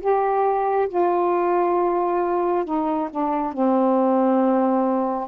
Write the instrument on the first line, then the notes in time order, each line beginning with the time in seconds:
saxophone
0.00 G4
0.89 F4
2.65 D#4
3.10 D4
3.53 C4